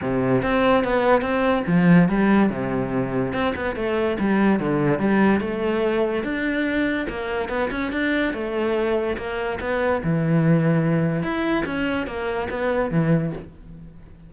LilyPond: \new Staff \with { instrumentName = "cello" } { \time 4/4 \tempo 4 = 144 c4 c'4 b4 c'4 | f4 g4 c2 | c'8 b8 a4 g4 d4 | g4 a2 d'4~ |
d'4 ais4 b8 cis'8 d'4 | a2 ais4 b4 | e2. e'4 | cis'4 ais4 b4 e4 | }